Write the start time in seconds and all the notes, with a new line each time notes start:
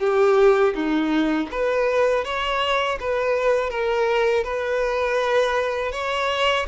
0.00 G4
0.75 D#4
1.52 B4
2.25 C#5
3.00 B4
3.70 A#4
4.44 B4
5.92 C#5